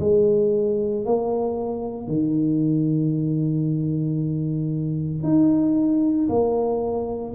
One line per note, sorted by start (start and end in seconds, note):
0.00 1.05 G#3
1.06 2.08 A#3
2.08 5.23 D#3
5.23 6.29 D#4
6.29 7.34 A#3